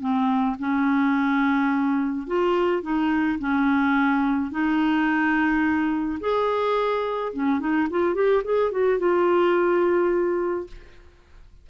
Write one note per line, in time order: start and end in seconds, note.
0.00 0.56 C4
0.59 2.27 C#4
2.27 2.82 F4
2.82 3.38 D#4
3.39 4.51 C#4
4.51 6.19 D#4
6.20 7.33 G#4
7.33 7.60 C#4
7.60 7.88 D#4
7.90 8.14 F4
8.14 8.42 G4
8.44 8.71 G#4
8.71 8.99 F#4
8.99 10.67 F4